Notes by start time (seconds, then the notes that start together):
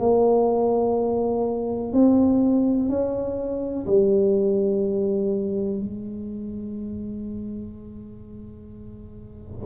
0.00 A#3
1.93 C4
2.90 C#4
3.87 G3
5.80 G#3